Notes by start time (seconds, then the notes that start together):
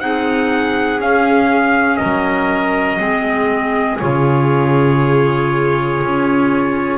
0.00 C4 D#4 G#4 F#5
1.00 C#4 F5
1.97 F#3 A#4 D#5
3.00 G#3 C4 G#4
4.00 C#3 F4 C#5
6.04 C#4